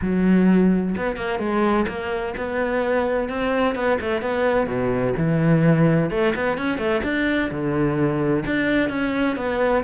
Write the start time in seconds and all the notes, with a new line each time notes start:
0.01 F#3
0.97 B3
1.16 A#3
1.39 G#3
1.87 A#3
2.37 B3
3.29 C4
3.75 B3
4.00 A3
4.21 B3
4.66 B2
5.17 E3
6.10 A3
6.35 B3
6.57 C#4
6.77 A3
7.03 D4
7.50 D3
8.45 D4
8.89 C#4
9.36 B3